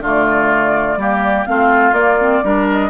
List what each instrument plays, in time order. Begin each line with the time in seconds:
0.00 bassoon D3, clarinet A3, oboe F4, flute D5
0.97 bassoon G3, clarinet A#3, oboe G4
1.46 bassoon A3, clarinet C4, oboe F4, flute F5
1.93 bassoon A#3, clarinet A#3, flute D5
2.20 clarinet C4
2.44 bassoon G3, clarinet D4, oboe A#4
2.72 flute D#5